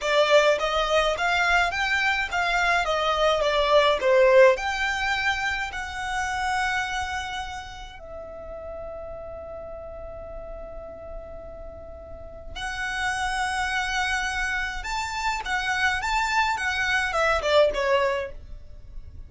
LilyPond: \new Staff \with { instrumentName = "violin" } { \time 4/4 \tempo 4 = 105 d''4 dis''4 f''4 g''4 | f''4 dis''4 d''4 c''4 | g''2 fis''2~ | fis''2 e''2~ |
e''1~ | e''2 fis''2~ | fis''2 a''4 fis''4 | a''4 fis''4 e''8 d''8 cis''4 | }